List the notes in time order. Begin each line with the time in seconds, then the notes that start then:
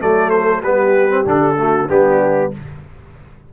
0.00 F#3 A3 A4 D5
0.30 C5
0.63 G3 B3 G4 B4
1.10 C4
1.26 D3 D4 A4
1.58 A3 F#4
1.89 G3 B3 D4 G4